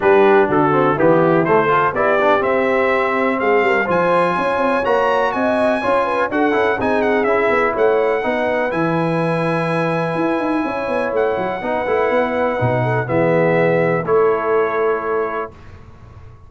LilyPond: <<
  \new Staff \with { instrumentName = "trumpet" } { \time 4/4 \tempo 4 = 124 b'4 a'4 g'4 c''4 | d''4 e''2 f''4 | gis''2 ais''4 gis''4~ | gis''4 fis''4 gis''8 fis''8 e''4 |
fis''2 gis''2~ | gis''2. fis''4~ | fis''2. e''4~ | e''4 cis''2. | }
  \new Staff \with { instrumentName = "horn" } { \time 4/4 g'4 fis'4 e'4. a'8 | g'2. gis'8 ais'8 | c''4 cis''2 dis''4 | cis''8 b'8 a'4 gis'2 |
cis''4 b'2.~ | b'2 cis''2 | b'2~ b'8 a'8 gis'4~ | gis'4 a'2. | }
  \new Staff \with { instrumentName = "trombone" } { \time 4/4 d'4. c'8 b4 a8 f'8 | e'8 d'8 c'2. | f'2 fis'2 | f'4 fis'8 e'8 dis'4 e'4~ |
e'4 dis'4 e'2~ | e'1 | dis'8 e'4. dis'4 b4~ | b4 e'2. | }
  \new Staff \with { instrumentName = "tuba" } { \time 4/4 g4 d4 e4 a4 | b4 c'2 gis8 g8 | f4 cis'8 c'8 ais4 c'4 | cis'4 d'8 cis'8 c'4 cis'8 b8 |
a4 b4 e2~ | e4 e'8 dis'8 cis'8 b8 a8 fis8 | b8 a8 b4 b,4 e4~ | e4 a2. | }
>>